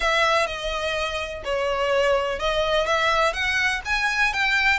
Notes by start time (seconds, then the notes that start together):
0.00 E5
0.46 D#5
1.44 C#5
2.39 D#5
2.86 E5
3.33 F#5
3.85 G#5
4.33 G5